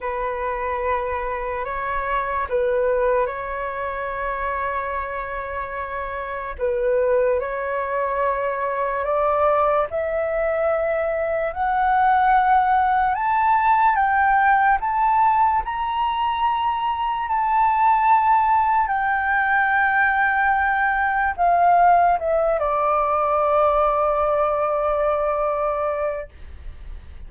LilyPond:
\new Staff \with { instrumentName = "flute" } { \time 4/4 \tempo 4 = 73 b'2 cis''4 b'4 | cis''1 | b'4 cis''2 d''4 | e''2 fis''2 |
a''4 g''4 a''4 ais''4~ | ais''4 a''2 g''4~ | g''2 f''4 e''8 d''8~ | d''1 | }